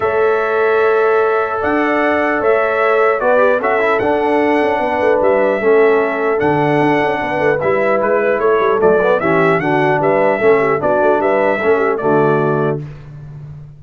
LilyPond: <<
  \new Staff \with { instrumentName = "trumpet" } { \time 4/4 \tempo 4 = 150 e''1 | fis''2 e''2 | d''4 e''4 fis''2~ | fis''4 e''2. |
fis''2. e''4 | b'4 cis''4 d''4 e''4 | fis''4 e''2 d''4 | e''2 d''2 | }
  \new Staff \with { instrumentName = "horn" } { \time 4/4 cis''1 | d''2 cis''2 | b'4 a'2. | b'2 a'2~ |
a'2 b'2~ | b'4 a'2 g'4 | fis'4 b'4 a'8 g'8 fis'4 | b'4 a'8 g'8 fis'2 | }
  \new Staff \with { instrumentName = "trombone" } { \time 4/4 a'1~ | a'1 | fis'8 g'8 fis'8 e'8 d'2~ | d'2 cis'2 |
d'2. e'4~ | e'2 a8 b8 cis'4 | d'2 cis'4 d'4~ | d'4 cis'4 a2 | }
  \new Staff \with { instrumentName = "tuba" } { \time 4/4 a1 | d'2 a2 | b4 cis'4 d'4. cis'8 | b8 a8 g4 a2 |
d4 d'8 cis'8 b8 a8 g4 | gis4 a8 g8 fis4 e4 | d4 g4 a4 b8 a8 | g4 a4 d2 | }
>>